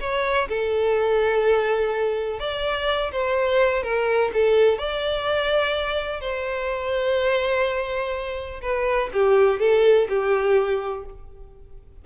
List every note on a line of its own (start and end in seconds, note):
0.00 0.48 C#5
0.48 2.40 A4
2.40 3.12 D5
3.12 3.83 C5
3.83 4.31 A#4
4.33 4.78 A4
4.78 6.21 D5
6.21 8.61 C5
8.62 9.10 B4
9.13 9.60 G4
9.60 10.08 A4
10.09 11.05 G4